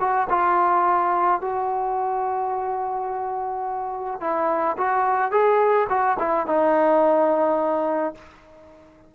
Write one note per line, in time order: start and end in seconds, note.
0.00 0.28 F#4
0.29 1.41 F4
1.41 4.21 F#4
4.21 4.77 E4
4.77 5.31 F#4
5.31 5.88 G#4
5.90 6.18 F#4
6.19 6.47 E4
6.47 8.15 D#4